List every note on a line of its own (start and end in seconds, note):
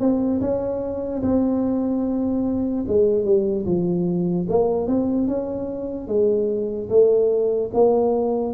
0.00 0.41 C4
0.41 1.22 C#4
1.23 2.85 C4
2.87 3.25 G#3
3.25 3.65 G3
3.66 4.47 F3
4.49 4.88 A#3
4.88 5.28 C4
5.28 6.08 C#4
6.08 6.89 G#3
6.90 7.71 A3
7.74 8.54 A#3